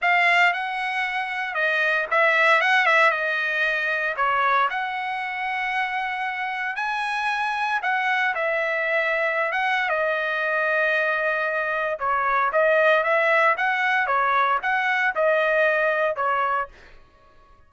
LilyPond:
\new Staff \with { instrumentName = "trumpet" } { \time 4/4 \tempo 4 = 115 f''4 fis''2 dis''4 | e''4 fis''8 e''8 dis''2 | cis''4 fis''2.~ | fis''4 gis''2 fis''4 |
e''2~ e''16 fis''8. dis''4~ | dis''2. cis''4 | dis''4 e''4 fis''4 cis''4 | fis''4 dis''2 cis''4 | }